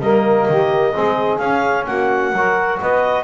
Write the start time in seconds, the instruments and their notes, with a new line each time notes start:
0.00 double bass G3, trombone A#3, saxophone A#4, clarinet D#5
0.48 double bass D#3, saxophone G4
0.93 double bass G#3, trombone C4, saxophone G#4
1.38 double bass C#4, trombone C#4, clarinet F5
1.86 double bass A#3, saxophone F#4, clarinet F#5
2.32 double bass F#3, trombone F#4, saxophone A#4
2.79 double bass B3, saxophone B4, clarinet D#5